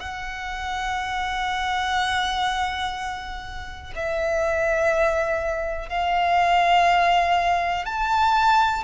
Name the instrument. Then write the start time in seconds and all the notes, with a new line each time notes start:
violin
0.00 F#5
3.96 E5
5.89 F5
7.86 A5